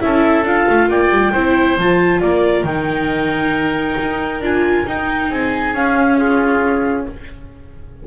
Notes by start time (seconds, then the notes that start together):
0.00 C#4 E4 A4 E5
0.43 D4 F4 F5
0.69 A3
0.88 A#3 D5 G5
1.10 G3
1.32 C4 E4 C5
1.77 F3 F4 A5
2.20 A#3 A#4 D5
2.63 D#3 D#4 G5
4.00 D#4
4.40 D4 F4 G#5
4.86 D#4 G5
5.30 C4 G#4 G#5
5.73 C#4 F5
6.17 F4 G#4